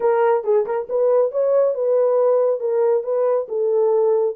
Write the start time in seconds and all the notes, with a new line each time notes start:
0.00 A#4
0.44 G#4
0.66 A#4
0.89 B4
1.31 C#5
1.74 B4
2.60 A#4
3.03 B4
3.48 A4